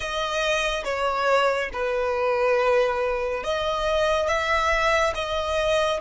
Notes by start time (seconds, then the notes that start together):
0.00 D#5
0.84 C#5
1.72 B4
3.43 D#5
4.27 E5
5.14 D#5